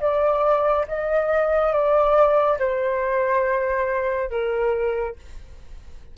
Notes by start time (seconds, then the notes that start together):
0.00 D5
0.88 D#5
1.73 D5
2.59 C5
4.30 A#4